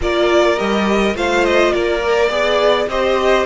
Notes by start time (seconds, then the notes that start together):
0.01 A#3 F4 A#4 D5
0.56 G3 G4 D#5
1.14 A3 F4 C5 F5
1.44 D#5
1.72 A#3 A#4 D5
2.02 A#4
2.29 B3 G#4 D5
2.87 C4 G4 C5 D#5